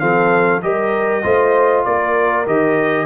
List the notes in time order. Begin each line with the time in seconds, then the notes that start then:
0.00 F3 C4 A4 F5
0.62 G3 G4 A#4 D#5
1.23 A3 F4 C5
1.85 A#3 A#4 D5
2.46 D#3 G4 D#5